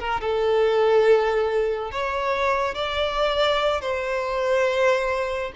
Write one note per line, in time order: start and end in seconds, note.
0.00 0.21 A#4
0.21 1.92 A4
1.92 2.75 C#5
2.75 3.81 D5
3.81 5.53 C5